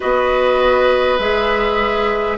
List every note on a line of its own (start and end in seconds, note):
0.00 1.19 B3
0.00 1.20 F#4
0.00 2.37 B4
0.00 1.19 D#5
1.19 2.37 G#3
1.19 2.37 G#4
1.19 2.37 E5